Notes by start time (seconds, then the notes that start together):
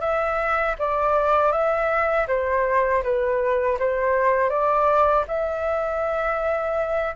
0.00 E5
0.78 D5
1.52 E5
2.27 C5
3.03 B4
3.79 C5
4.49 D5
5.27 E5